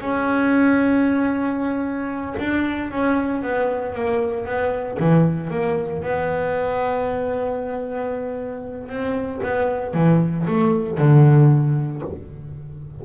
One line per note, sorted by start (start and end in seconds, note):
0.00 2.35 C#4
2.39 2.91 D4
2.91 3.42 C#4
3.42 3.94 B3
3.94 4.45 A#3
4.45 4.98 B3
4.99 5.50 E3
5.50 6.02 A#3
6.02 8.88 B3
8.88 9.40 C4
9.43 9.93 B3
9.93 10.46 E3
10.47 10.98 A3
10.98 12.02 D3